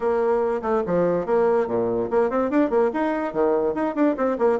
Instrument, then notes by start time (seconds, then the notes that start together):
bassoon
0.00 A#3
0.62 A3
0.86 F3
1.26 A#3
1.67 A#2
2.10 A#3
2.30 C4
2.50 D4
2.70 A#3
2.93 D#4
3.33 D#3
3.74 D#4
3.95 D4
4.16 C4
4.38 A#3